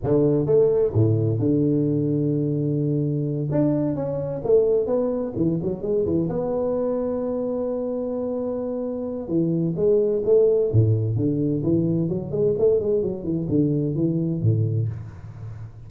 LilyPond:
\new Staff \with { instrumentName = "tuba" } { \time 4/4 \tempo 4 = 129 d4 a4 a,4 d4~ | d2.~ d8 d'8~ | d'8 cis'4 a4 b4 e8 | fis8 gis8 e8 b2~ b8~ |
b1 | e4 gis4 a4 a,4 | d4 e4 fis8 gis8 a8 gis8 | fis8 e8 d4 e4 a,4 | }